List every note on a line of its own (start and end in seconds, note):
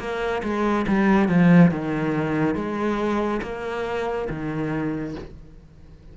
0.00 0.43 A#3
0.43 0.86 G#3
0.88 1.29 G3
1.29 1.71 F3
1.71 2.56 D#3
2.56 3.41 G#3
3.43 4.29 A#3
4.30 5.15 D#3